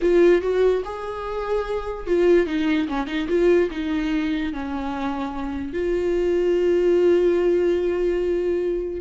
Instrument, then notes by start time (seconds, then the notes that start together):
viola
0.01 F4
0.41 F#4
0.84 G#4
2.06 F4
2.46 D#4
2.88 C#4
3.07 D#4
3.28 F4
3.70 D#4
4.52 C#4
5.73 F4